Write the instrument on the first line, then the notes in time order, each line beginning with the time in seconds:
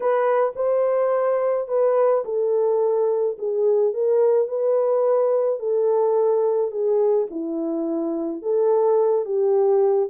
horn
0.00 B4
0.55 C5
1.67 B4
2.25 A4
3.38 G#4
3.93 A#4
4.47 B4
5.59 A4
6.71 G#4
7.30 E4
8.42 A4
9.25 G4